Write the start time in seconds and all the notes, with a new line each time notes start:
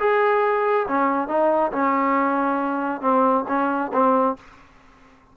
0.00 G#4
0.88 C#4
1.29 D#4
1.72 C#4
3.02 C4
3.49 C#4
3.93 C4